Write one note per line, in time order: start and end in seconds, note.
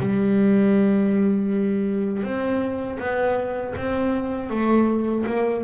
0.00 2.23 G3
2.23 2.98 C4
2.99 3.74 B3
3.77 4.50 C4
4.50 5.25 A3
5.26 5.64 A#3